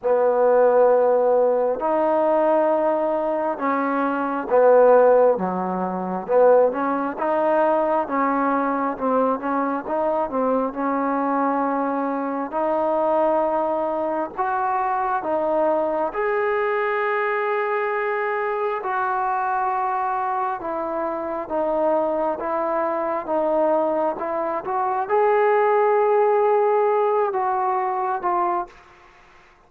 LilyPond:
\new Staff \with { instrumentName = "trombone" } { \time 4/4 \tempo 4 = 67 b2 dis'2 | cis'4 b4 fis4 b8 cis'8 | dis'4 cis'4 c'8 cis'8 dis'8 c'8 | cis'2 dis'2 |
fis'4 dis'4 gis'2~ | gis'4 fis'2 e'4 | dis'4 e'4 dis'4 e'8 fis'8 | gis'2~ gis'8 fis'4 f'8 | }